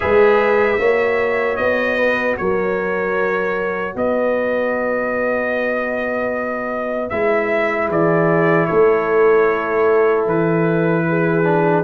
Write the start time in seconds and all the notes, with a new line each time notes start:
0.00 G#3 G#4 B4 E5
0.78 A#3 F#4 C#5
1.56 B3 D#5
1.97 B4
2.37 F#3 A#4 C#5
3.94 B3 B4 D#5
7.09 G#3 E4 E5
7.87 E3 G#4 D5
8.65 A3 A4 C#5
10.26 E3 B4
11.08 G#4
11.44 D4